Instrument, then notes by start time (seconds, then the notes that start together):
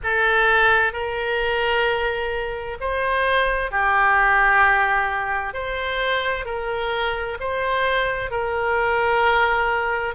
oboe
0.03 A4
0.92 A#4
2.80 C5
3.71 G4
5.53 C5
6.45 A#4
7.39 C5
8.31 A#4